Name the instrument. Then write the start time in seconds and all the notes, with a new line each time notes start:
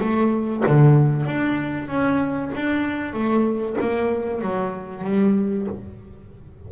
double bass
0.00 A3
0.66 D3
1.26 D4
1.87 C#4
2.55 D4
3.13 A3
3.80 A#3
4.41 F#3
5.04 G3